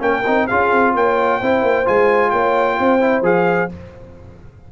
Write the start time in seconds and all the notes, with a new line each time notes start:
0.00 A#3 C#4 A#4 G5
0.27 C4 D#4
0.47 C#4 F4 G#4 F5
0.72 C4
0.95 A#3 C#5 G5
1.39 C4 E4 C5
1.63 A#3
1.86 G#3 F4 G#5
2.31 A#3 C#5 G5
2.79 C4 C5
3.01 E4
3.22 F3 G#4 F5